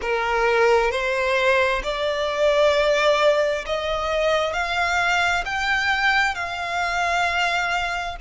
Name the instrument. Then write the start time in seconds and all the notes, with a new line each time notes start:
violin
0.01 A#4
0.91 C5
1.83 D5
3.66 D#5
4.53 F5
5.45 G5
6.34 F5